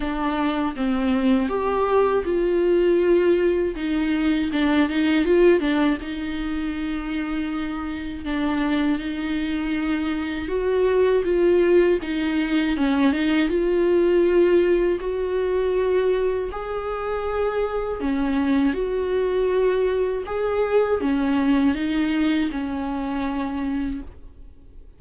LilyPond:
\new Staff \with { instrumentName = "viola" } { \time 4/4 \tempo 4 = 80 d'4 c'4 g'4 f'4~ | f'4 dis'4 d'8 dis'8 f'8 d'8 | dis'2. d'4 | dis'2 fis'4 f'4 |
dis'4 cis'8 dis'8 f'2 | fis'2 gis'2 | cis'4 fis'2 gis'4 | cis'4 dis'4 cis'2 | }